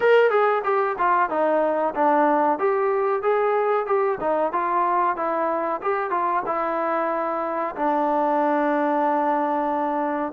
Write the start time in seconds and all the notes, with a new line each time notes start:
0.00 A#4
0.30 G#4
0.64 G4
0.98 F4
1.29 D#4
1.94 D4
2.58 G4
3.22 G#4
3.86 G4
4.20 D#4
4.52 F4
5.16 E4
5.82 G4
6.10 F4
6.46 E4
7.75 D4